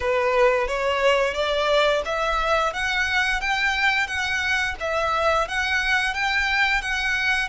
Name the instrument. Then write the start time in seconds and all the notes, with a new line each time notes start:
violin
0.00 B4
0.67 C#5
1.34 D5
2.05 E5
2.73 F#5
3.40 G5
4.07 F#5
4.80 E5
5.47 F#5
6.14 G5
6.81 F#5